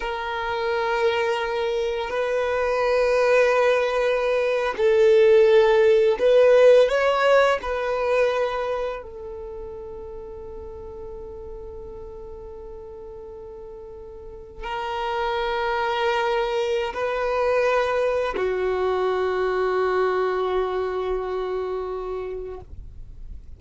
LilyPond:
\new Staff \with { instrumentName = "violin" } { \time 4/4 \tempo 4 = 85 ais'2. b'4~ | b'2~ b'8. a'4~ a'16~ | a'8. b'4 cis''4 b'4~ b'16~ | b'8. a'2.~ a'16~ |
a'1~ | a'8. ais'2.~ ais'16 | b'2 fis'2~ | fis'1 | }